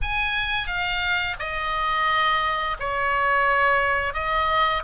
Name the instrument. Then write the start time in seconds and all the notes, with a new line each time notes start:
oboe
0.01 G#5
0.66 F5
1.39 D#5
2.79 C#5
4.13 D#5